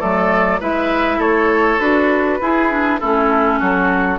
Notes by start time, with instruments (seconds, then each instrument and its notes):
0.00 bassoon F#3, clarinet A3, oboe A4, flute D5
0.60 bassoon G#3, clarinet E4, oboe B4, flute E5
1.19 bassoon A3, oboe A4, flute C#5
1.80 bassoon D4, clarinet F#4, flute B4
2.42 bassoon E4, clarinet E4, oboe G#4
2.70 clarinet D4
3.00 bassoon A3, clarinet C#4, oboe E4, flute A4
3.60 bassoon F#3, oboe F#4